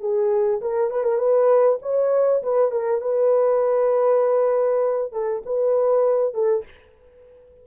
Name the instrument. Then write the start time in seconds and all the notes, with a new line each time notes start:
horn
0.00 G#4
0.61 A#4
0.90 B4
1.04 A#4
1.18 B4
1.82 C#5
2.43 B4
2.71 A#4
3.01 B4
5.12 A4
5.45 B4
6.34 A4